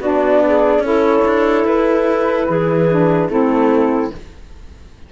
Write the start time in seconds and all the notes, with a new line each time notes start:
0.00 B3 D4 F#4 D5
0.46 G#4
0.79 C#4 E4 A4 C#5
1.25 D4
1.65 E4 B4
2.49 E3 G#4
2.89 D4
3.29 A3 C4 E4 A4